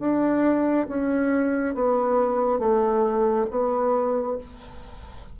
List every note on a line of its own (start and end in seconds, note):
0.00 0.87 D4
0.89 1.75 C#4
1.75 2.59 B3
2.59 3.46 A3
3.51 4.38 B3